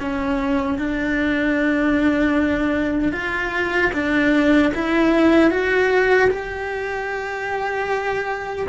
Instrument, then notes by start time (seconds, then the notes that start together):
cello
0.00 C#4
0.79 D4
3.13 F4
3.94 D4
4.75 E4
5.51 F#4
6.31 G4